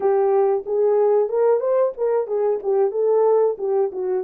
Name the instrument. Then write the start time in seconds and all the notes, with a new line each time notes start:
horn
0.00 G4
0.66 G#4
1.28 A#4
1.59 C5
1.97 A#4
2.27 G#4
2.63 G4
2.91 A4
3.58 G4
3.92 F#4